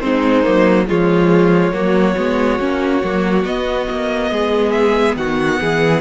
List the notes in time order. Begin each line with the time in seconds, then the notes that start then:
0.00 G#3 C4 D#4 C5
0.43 F#3 A#3
0.87 F3 G#3 F4 C#5
1.73 F#3 A#3 F#4
2.16 G#3 B3
2.59 A#3 C#4
3.03 F#3 A#3
3.45 B3 D#5
3.90 A#3
4.31 G#3 G#4
4.72 E5
5.16 D#3 F#4 F#5
5.60 E3 G#4